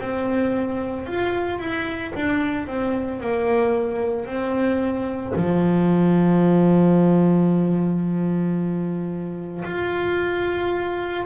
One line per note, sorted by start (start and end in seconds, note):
0.00 1.06 C4
1.06 1.59 F4
1.59 2.13 E4
2.15 2.67 D4
2.67 3.20 C4
3.20 4.26 A#3
4.26 5.33 C4
5.36 9.64 F3
9.65 11.25 F4